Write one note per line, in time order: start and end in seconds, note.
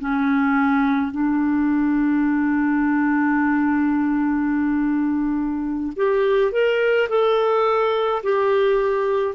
0.00 1.12 C#4
1.12 5.93 D4
5.96 6.52 G4
6.52 7.09 A#4
7.09 8.22 A4
8.23 9.35 G4